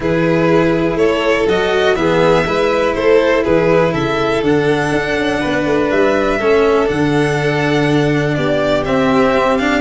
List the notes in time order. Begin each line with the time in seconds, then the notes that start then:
0.00 E3 E4 G#4 B4
0.94 A3 A4 C#5
1.47 F#3 F#4 D#5
1.95 E3 B3 G#4 E5
2.44 G#3 E4 B4
2.94 A3 A4 C5
3.44 E3 G#4 B4
3.92 C#3 A4 E5
4.41 D3 D4 F#5
4.92 D4
5.15 C#4
5.39 B3 B4
5.65 A3
5.90 G3 E5
6.38 A3 C#4 A4
6.86 D3 D4 F#5
8.35 B3 G4 D5
8.85 C4 E5
9.57 D4 F5